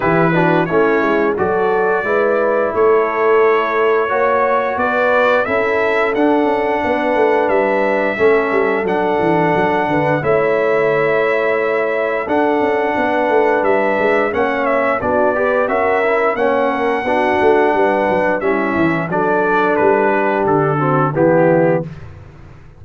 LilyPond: <<
  \new Staff \with { instrumentName = "trumpet" } { \time 4/4 \tempo 4 = 88 b'4 cis''4 d''2 | cis''2. d''4 | e''4 fis''2 e''4~ | e''4 fis''2 e''4~ |
e''2 fis''2 | e''4 fis''8 e''8 d''4 e''4 | fis''2. e''4 | d''4 b'4 a'4 g'4 | }
  \new Staff \with { instrumentName = "horn" } { \time 4/4 g'8 fis'8 e'4 a'4 b'4 | a'2 cis''4 b'4 | a'2 b'2 | a'2~ a'8 b'8 cis''4~ |
cis''2 a'4 b'4~ | b'4 cis''4 fis'8 b'8 ais'4 | cis''8 ais'8 fis'4 b'4 e'4 | a'4. g'4 fis'8 e'4 | }
  \new Staff \with { instrumentName = "trombone" } { \time 4/4 e'8 d'8 cis'4 fis'4 e'4~ | e'2 fis'2 | e'4 d'2. | cis'4 d'2 e'4~ |
e'2 d'2~ | d'4 cis'4 d'8 g'8 fis'8 e'8 | cis'4 d'2 cis'4 | d'2~ d'8 c'8 b4 | }
  \new Staff \with { instrumentName = "tuba" } { \time 4/4 e4 a8 gis8 fis4 gis4 | a2 ais4 b4 | cis'4 d'8 cis'8 b8 a8 g4 | a8 g8 fis8 e8 fis8 d8 a4~ |
a2 d'8 cis'8 b8 a8 | g8 gis8 ais4 b4 cis'4 | ais4 b8 a8 g8 fis8 g8 e8 | fis4 g4 d4 e4 | }
>>